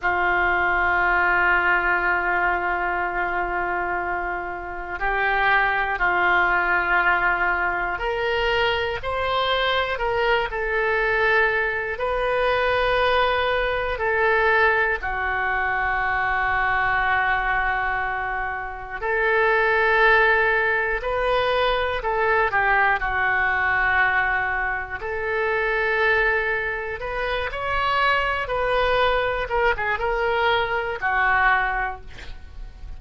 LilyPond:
\new Staff \with { instrumentName = "oboe" } { \time 4/4 \tempo 4 = 60 f'1~ | f'4 g'4 f'2 | ais'4 c''4 ais'8 a'4. | b'2 a'4 fis'4~ |
fis'2. a'4~ | a'4 b'4 a'8 g'8 fis'4~ | fis'4 a'2 b'8 cis''8~ | cis''8 b'4 ais'16 gis'16 ais'4 fis'4 | }